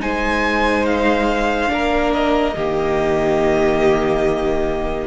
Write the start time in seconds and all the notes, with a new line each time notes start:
0.00 G#3 D#4 C5 G#5
0.86 F5
1.68 A#3 D4 A#4
2.13 D#5
2.56 D#3 A#3 G4